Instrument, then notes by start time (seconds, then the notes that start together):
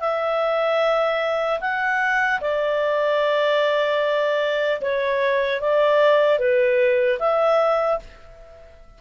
clarinet
0.00 E5
1.60 F#5
2.41 D5
4.81 C#5
5.61 D5
6.39 B4
7.19 E5